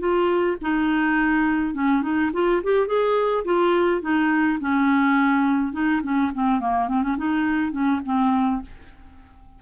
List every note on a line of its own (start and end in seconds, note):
0.00 0.57 F4
0.62 1.75 D#4
1.75 2.03 C#4
2.03 2.31 D#4
2.34 2.62 F4
2.64 2.88 G4
2.88 3.45 G#4
3.45 4.02 F4
4.02 4.59 D#4
4.61 5.73 C#4
5.73 6.02 D#4
6.03 6.32 C#4
6.35 6.61 C4
6.61 6.89 A#3
6.89 7.03 C4
7.03 7.17 C#4
7.18 7.72 D#4
7.72 8.01 C#4
8.05 8.63 C4